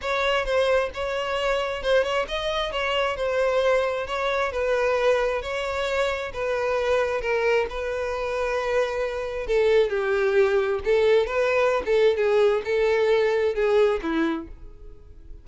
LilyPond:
\new Staff \with { instrumentName = "violin" } { \time 4/4 \tempo 4 = 133 cis''4 c''4 cis''2 | c''8 cis''8 dis''4 cis''4 c''4~ | c''4 cis''4 b'2 | cis''2 b'2 |
ais'4 b'2.~ | b'4 a'4 g'2 | a'4 b'4~ b'16 a'8. gis'4 | a'2 gis'4 e'4 | }